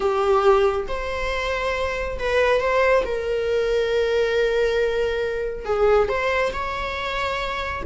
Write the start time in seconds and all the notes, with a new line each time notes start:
0.00 G4
0.88 C5
2.19 B4
2.60 C5
3.05 A#4
5.65 G#4
6.08 C5
6.53 C#5